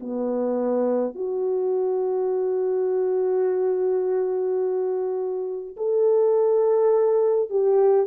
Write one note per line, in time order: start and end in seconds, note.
0.00 1.15 B3
1.15 5.77 F#4
5.77 7.50 A4
7.50 8.07 G4